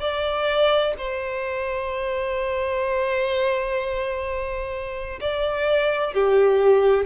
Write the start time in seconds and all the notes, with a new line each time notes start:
0.00 D5
0.98 C5
5.20 D5
6.14 G4